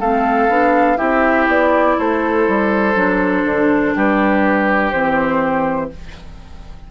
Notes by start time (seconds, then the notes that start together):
0.00 A3 C4 A4 F5
0.49 B3 D4
0.97 C4 E4 G4 E5
1.48 B3 D5
1.99 A3 A4 C5
2.48 G3
2.95 F#3 D4
3.44 D3
3.94 G3 G4 B4
4.91 E3 C4 C5